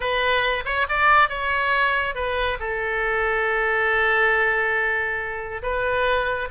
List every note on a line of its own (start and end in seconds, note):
0.00 0.64 B4
0.65 0.86 C#5
0.88 1.29 D5
1.29 2.15 C#5
2.15 2.58 B4
2.59 5.61 A4
5.62 6.48 B4